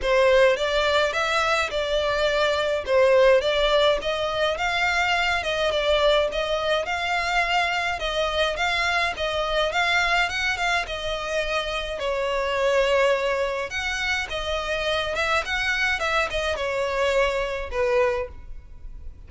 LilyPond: \new Staff \with { instrumentName = "violin" } { \time 4/4 \tempo 4 = 105 c''4 d''4 e''4 d''4~ | d''4 c''4 d''4 dis''4 | f''4. dis''8 d''4 dis''4 | f''2 dis''4 f''4 |
dis''4 f''4 fis''8 f''8 dis''4~ | dis''4 cis''2. | fis''4 dis''4. e''8 fis''4 | e''8 dis''8 cis''2 b'4 | }